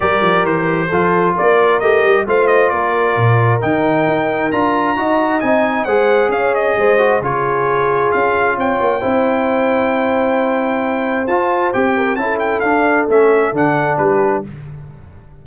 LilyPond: <<
  \new Staff \with { instrumentName = "trumpet" } { \time 4/4 \tempo 4 = 133 d''4 c''2 d''4 | dis''4 f''8 dis''8 d''2 | g''2 ais''2 | gis''4 fis''4 f''8 dis''4. |
cis''2 f''4 g''4~ | g''1~ | g''4 a''4 g''4 a''8 g''8 | f''4 e''4 fis''4 b'4 | }
  \new Staff \with { instrumentName = "horn" } { \time 4/4 ais'2 a'4 ais'4~ | ais'4 c''4 ais'2~ | ais'2. dis''4~ | dis''4 c''4 cis''4 c''4 |
gis'2. cis''4 | c''1~ | c''2~ c''8 ais'8 a'4~ | a'2. g'4 | }
  \new Staff \with { instrumentName = "trombone" } { \time 4/4 g'2 f'2 | g'4 f'2. | dis'2 f'4 fis'4 | dis'4 gis'2~ gis'8 fis'8 |
f'1 | e'1~ | e'4 f'4 g'4 e'4 | d'4 cis'4 d'2 | }
  \new Staff \with { instrumentName = "tuba" } { \time 4/4 g8 f8 e4 f4 ais4 | a8 g8 a4 ais4 ais,4 | dis4 dis'4 d'4 dis'4 | c'4 gis4 cis'4 gis4 |
cis2 cis'4 c'8 ais8 | c'1~ | c'4 f'4 c'4 cis'4 | d'4 a4 d4 g4 | }
>>